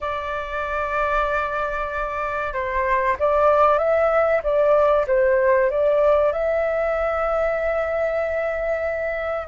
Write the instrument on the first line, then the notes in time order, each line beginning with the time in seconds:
flute
0.00 D5
2.53 C5
3.19 D5
3.78 E5
4.43 D5
5.07 C5
5.70 D5
6.32 E5